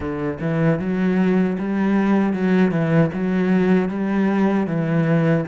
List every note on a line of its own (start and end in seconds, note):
0.00 0.38 D3
0.40 0.79 E3
0.79 1.57 F#3
1.58 2.33 G3
2.33 2.71 F#3
2.71 3.10 E3
3.13 3.89 F#3
3.89 4.66 G3
4.66 5.44 E3